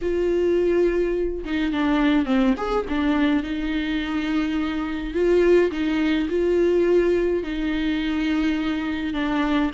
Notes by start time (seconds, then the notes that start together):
0.01 F4
1.44 D#4
1.72 D4
2.25 C4
2.57 G#4
2.88 D4
3.43 D#4
5.14 F4
5.71 D#4
6.29 F4
7.43 D#4
9.13 D4